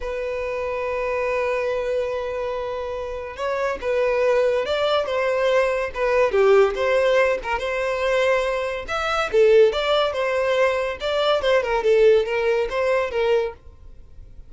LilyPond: \new Staff \with { instrumentName = "violin" } { \time 4/4 \tempo 4 = 142 b'1~ | b'1 | cis''4 b'2 d''4 | c''2 b'4 g'4 |
c''4. ais'8 c''2~ | c''4 e''4 a'4 d''4 | c''2 d''4 c''8 ais'8 | a'4 ais'4 c''4 ais'4 | }